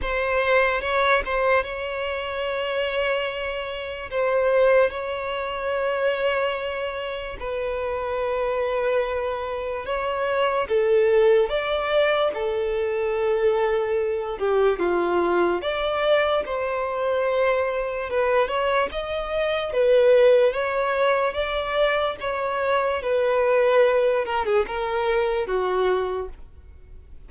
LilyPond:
\new Staff \with { instrumentName = "violin" } { \time 4/4 \tempo 4 = 73 c''4 cis''8 c''8 cis''2~ | cis''4 c''4 cis''2~ | cis''4 b'2. | cis''4 a'4 d''4 a'4~ |
a'4. g'8 f'4 d''4 | c''2 b'8 cis''8 dis''4 | b'4 cis''4 d''4 cis''4 | b'4. ais'16 gis'16 ais'4 fis'4 | }